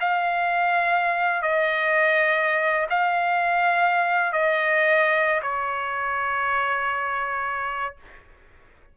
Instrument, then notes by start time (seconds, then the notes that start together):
trumpet
0.00 F5
1.42 D#5
2.90 F5
4.33 D#5
5.42 C#5